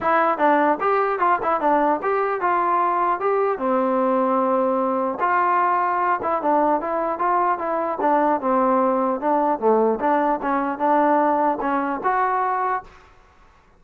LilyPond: \new Staff \with { instrumentName = "trombone" } { \time 4/4 \tempo 4 = 150 e'4 d'4 g'4 f'8 e'8 | d'4 g'4 f'2 | g'4 c'2.~ | c'4 f'2~ f'8 e'8 |
d'4 e'4 f'4 e'4 | d'4 c'2 d'4 | a4 d'4 cis'4 d'4~ | d'4 cis'4 fis'2 | }